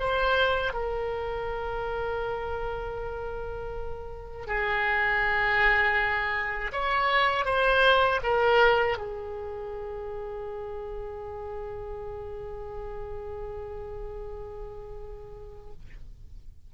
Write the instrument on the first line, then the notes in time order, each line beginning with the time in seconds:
oboe
0.00 C5
0.74 A#4
4.47 G#4
6.73 C#5
7.46 C5
8.23 A#4
8.98 G#4